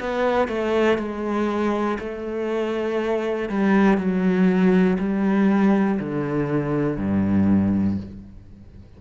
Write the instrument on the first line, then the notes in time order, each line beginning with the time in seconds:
cello
0.00 B3
0.48 A3
0.98 G#3
1.99 A3
3.49 G3
3.98 F#3
4.99 G3
5.99 D3
6.97 G2